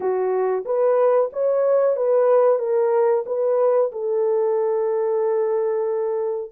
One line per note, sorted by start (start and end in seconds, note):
0.00 0.64 F#4
0.65 1.30 B4
1.32 1.96 C#5
1.96 2.58 B4
2.58 3.24 A#4
3.26 3.91 B4
3.91 6.51 A4